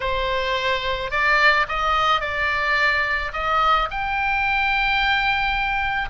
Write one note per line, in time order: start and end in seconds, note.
0.00 1.10 C5
1.10 1.66 D5
1.68 2.20 D#5
2.20 3.32 D5
3.32 3.88 D#5
3.90 6.09 G5